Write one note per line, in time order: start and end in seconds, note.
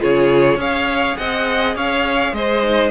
0.00 0.57 C#3
0.00 0.58 F4
0.00 0.59 G#4
0.00 0.61 C#5
0.57 1.15 C#4
0.57 2.62 G#4
0.57 1.17 C#5
0.57 1.17 F5
1.17 1.76 C4
1.17 1.76 D#5
1.17 1.76 F#5
1.76 2.33 C#4
1.76 2.34 C#5
1.76 2.35 F5
2.33 2.91 G#3
2.33 2.92 C5
2.33 2.92 D#5
2.63 2.92 D#4